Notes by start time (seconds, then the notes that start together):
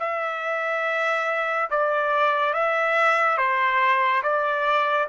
0.00 E5
1.71 D5
2.54 E5
3.38 C5
4.23 D5